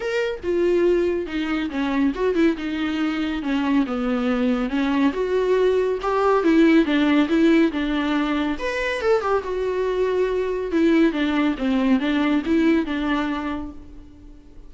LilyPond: \new Staff \with { instrumentName = "viola" } { \time 4/4 \tempo 4 = 140 ais'4 f'2 dis'4 | cis'4 fis'8 e'8 dis'2 | cis'4 b2 cis'4 | fis'2 g'4 e'4 |
d'4 e'4 d'2 | b'4 a'8 g'8 fis'2~ | fis'4 e'4 d'4 c'4 | d'4 e'4 d'2 | }